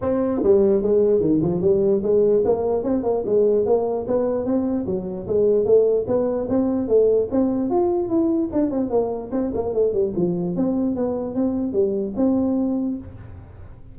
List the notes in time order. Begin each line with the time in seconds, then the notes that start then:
0.01 C4
0.43 G3
0.82 G#3
1.20 D#3
1.42 F3
1.61 G3
2.02 G#3
2.44 A#3
2.83 C4
3.03 A#3
3.25 G#3
3.65 A#3
4.07 B3
4.45 C4
4.86 F#3
5.27 G#3
5.65 A3
6.07 B3
6.49 C4
6.88 A3
7.31 C4
7.69 F4
8.08 E4
8.52 D4
8.70 C4
8.90 A#3
9.31 C4
9.54 A#3
9.73 A3
9.93 G3
10.16 F3
10.55 C4
10.95 B3
11.35 C4
11.73 G3
12.16 C4